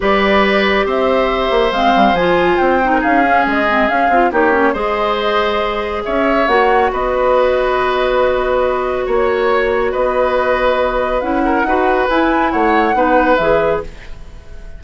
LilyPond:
<<
  \new Staff \with { instrumentName = "flute" } { \time 4/4 \tempo 4 = 139 d''2 e''2 | f''4 gis''4 g''4 f''4 | dis''4 f''4 cis''4 dis''4~ | dis''2 e''4 fis''4 |
dis''1~ | dis''4 cis''2 dis''4~ | dis''2 fis''2 | gis''4 fis''2 e''4 | }
  \new Staff \with { instrumentName = "oboe" } { \time 4/4 b'2 c''2~ | c''2~ c''8. ais'16 gis'4~ | gis'2 g'4 c''4~ | c''2 cis''2 |
b'1~ | b'4 cis''2 b'4~ | b'2~ b'8 ais'8 b'4~ | b'4 cis''4 b'2 | }
  \new Staff \with { instrumentName = "clarinet" } { \time 4/4 g'1 | c'4 f'4. dis'4 cis'8~ | cis'8 c'8 cis'8 f'8 dis'8 cis'8 gis'4~ | gis'2. fis'4~ |
fis'1~ | fis'1~ | fis'2 e'4 fis'4 | e'2 dis'4 gis'4 | }
  \new Staff \with { instrumentName = "bassoon" } { \time 4/4 g2 c'4. ais8 | gis8 g8 f4 c'4 cis'4 | gis4 cis'8 c'8 ais4 gis4~ | gis2 cis'4 ais4 |
b1~ | b4 ais2 b4~ | b2 cis'4 dis'4 | e'4 a4 b4 e4 | }
>>